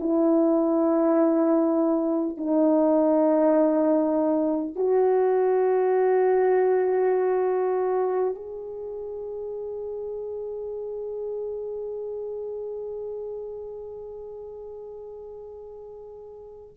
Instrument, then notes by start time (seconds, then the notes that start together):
horn
0.00 E4
2.38 D#4
4.76 F#4
8.35 G#4